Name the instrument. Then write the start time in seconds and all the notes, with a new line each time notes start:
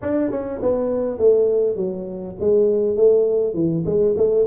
tuba
0.02 D4
0.31 C#4
0.62 B3
1.18 A3
1.76 F#3
2.40 G#3
2.96 A3
3.54 E3
3.85 G#3
4.16 A3